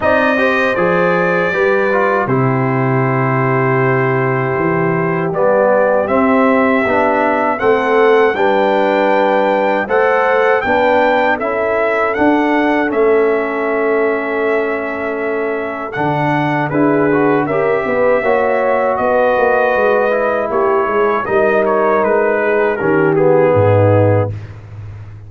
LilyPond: <<
  \new Staff \with { instrumentName = "trumpet" } { \time 4/4 \tempo 4 = 79 dis''4 d''2 c''4~ | c''2. d''4 | e''2 fis''4 g''4~ | g''4 fis''4 g''4 e''4 |
fis''4 e''2.~ | e''4 fis''4 b'4 e''4~ | e''4 dis''2 cis''4 | dis''8 cis''8 b'4 ais'8 gis'4. | }
  \new Staff \with { instrumentName = "horn" } { \time 4/4 d''8 c''4. b'4 g'4~ | g'1~ | g'2 a'4 b'4~ | b'4 c''4 b'4 a'4~ |
a'1~ | a'2 gis'4 ais'8 b'8 | cis''4 b'2 g'8 gis'8 | ais'4. gis'8 g'4 dis'4 | }
  \new Staff \with { instrumentName = "trombone" } { \time 4/4 dis'8 g'8 gis'4 g'8 f'8 e'4~ | e'2. b4 | c'4 d'4 c'4 d'4~ | d'4 a'4 d'4 e'4 |
d'4 cis'2.~ | cis'4 d'4 e'8 fis'8 g'4 | fis'2~ fis'8 e'4. | dis'2 cis'8 b4. | }
  \new Staff \with { instrumentName = "tuba" } { \time 4/4 c'4 f4 g4 c4~ | c2 e4 g4 | c'4 b4 a4 g4~ | g4 a4 b4 cis'4 |
d'4 a2.~ | a4 d4 d'4 cis'8 b8 | ais4 b8 ais8 gis4 ais8 gis8 | g4 gis4 dis4 gis,4 | }
>>